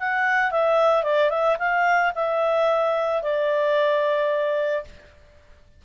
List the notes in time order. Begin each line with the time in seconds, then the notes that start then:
0.00 F#5
0.52 E5
1.03 D5
1.30 E5
1.59 F5
2.15 E5
3.23 D5